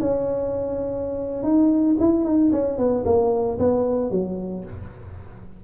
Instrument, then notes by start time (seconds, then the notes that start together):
tuba
0.00 C#4
1.43 D#4
2.00 E4
2.24 D#4
2.52 C#4
2.78 B3
3.05 A#3
3.58 B3
4.11 F#3